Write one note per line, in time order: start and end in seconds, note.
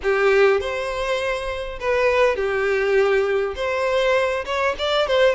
0.03 0.60 G4
0.60 1.79 C5
1.80 2.35 B4
2.35 3.54 G4
3.55 4.44 C5
4.45 4.75 C#5
4.78 5.07 D5
5.07 5.35 C5